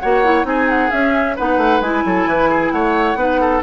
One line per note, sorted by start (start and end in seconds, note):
0.00 0.44 A#3
0.00 0.24 F#4
0.00 0.46 C#5
0.00 0.45 F#5
0.24 0.44 E4
0.44 0.89 C4
0.44 0.89 D#4
0.44 1.36 G#4
0.44 0.69 G#5
0.69 0.90 F#5
0.90 1.36 C#4
0.90 1.38 C#4
0.90 1.36 E5
1.36 1.57 B3
1.36 1.83 D#4
1.36 2.03 B4
1.36 1.81 F#5
1.57 1.80 A3
1.80 2.03 G#3
1.80 3.17 E4
1.80 2.71 G#5
2.05 2.26 F#3
2.05 2.29 A4
2.26 2.71 E3
2.26 2.49 B4
2.49 2.72 G#4
2.71 3.15 A3
2.71 3.18 C#5
2.71 3.61 F#5
3.15 3.60 B3
3.15 3.62 D#4
3.15 3.41 B4
3.41 3.62 A4